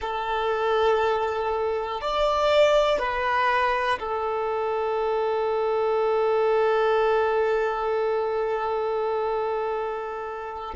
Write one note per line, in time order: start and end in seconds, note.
0.01 2.00 A4
2.00 2.98 D5
2.98 3.98 B4
3.99 10.74 A4